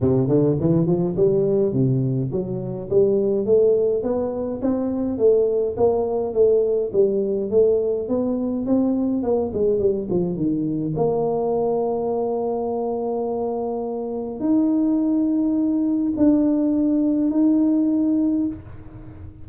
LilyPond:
\new Staff \with { instrumentName = "tuba" } { \time 4/4 \tempo 4 = 104 c8 d8 e8 f8 g4 c4 | fis4 g4 a4 b4 | c'4 a4 ais4 a4 | g4 a4 b4 c'4 |
ais8 gis8 g8 f8 dis4 ais4~ | ais1~ | ais4 dis'2. | d'2 dis'2 | }